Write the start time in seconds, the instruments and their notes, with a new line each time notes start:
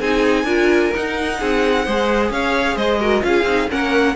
0.00 cello C4, viola D#4, violin G#4 G#5
0.44 cello D4, viola F4, violin A#4
0.94 viola D#4, cello D#4, violin F#5
1.39 cello C4, violin G#4
1.84 cello G#3, viola G#4, violin C5
2.30 cello C#4, violin C#5 F5
2.75 cello G#3, violin C5 D#5
3.00 viola F#4, violin A#4
3.21 cello C#4, viola F4, violin G#4 F5
3.43 cello C4, viola D#4
3.68 cello A#3, viola C#4, violin A#4 F#5